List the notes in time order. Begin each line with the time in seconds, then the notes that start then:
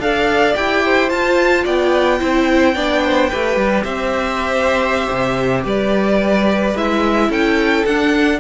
0.00 D4 A4 D5 F5
0.54 E4 G4 G5
0.85 C5
1.10 F4 A5
1.64 B3 D5 G5
2.20 C4 E4 C5
2.75 B3 D4 D5
3.04 C5
3.30 A3 G4 B4
3.57 G3
3.84 C4 C5 E5
5.11 C3
5.64 G3 B4 D5
6.76 G#3 E4 E5
7.29 C#4 A4 G5
7.85 D4 F#5